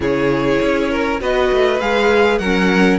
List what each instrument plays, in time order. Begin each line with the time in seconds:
0.00 cello C#3, viola E4, violin G#4 C#5
0.61 cello C#4
0.90 violin A#4
1.20 cello B3, viola F#4, violin B4 D#5
1.52 cello A3
1.80 cello G#3, viola G#4, violin F5
2.38 cello F#3, viola C#4, violin A#4 F#5